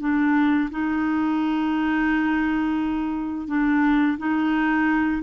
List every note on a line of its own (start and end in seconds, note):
0.00 0.70 D4
0.71 3.48 D#4
3.48 4.17 D4
4.18 5.23 D#4